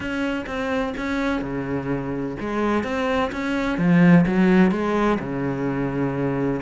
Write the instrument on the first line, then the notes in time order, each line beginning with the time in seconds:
cello
0.00 C#4
0.46 C4
0.97 C#4
1.41 C#3
2.40 G#3
2.83 C4
3.32 C#4
3.78 F3
4.26 F#3
4.71 G#3
5.19 C#3